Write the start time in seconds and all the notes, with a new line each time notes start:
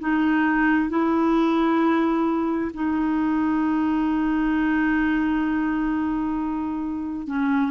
0.00 D#4
0.90 E4
2.74 D#4
7.27 C#4